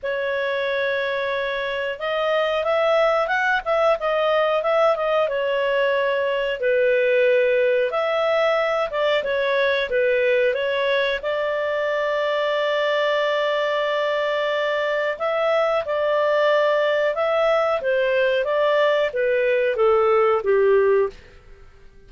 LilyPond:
\new Staff \with { instrumentName = "clarinet" } { \time 4/4 \tempo 4 = 91 cis''2. dis''4 | e''4 fis''8 e''8 dis''4 e''8 dis''8 | cis''2 b'2 | e''4. d''8 cis''4 b'4 |
cis''4 d''2.~ | d''2. e''4 | d''2 e''4 c''4 | d''4 b'4 a'4 g'4 | }